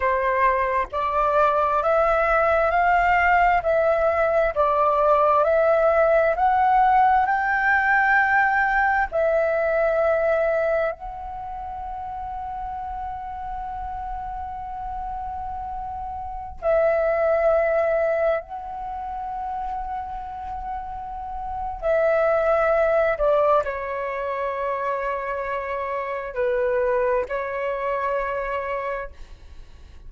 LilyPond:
\new Staff \with { instrumentName = "flute" } { \time 4/4 \tempo 4 = 66 c''4 d''4 e''4 f''4 | e''4 d''4 e''4 fis''4 | g''2 e''2 | fis''1~ |
fis''2~ fis''16 e''4.~ e''16~ | e''16 fis''2.~ fis''8. | e''4. d''8 cis''2~ | cis''4 b'4 cis''2 | }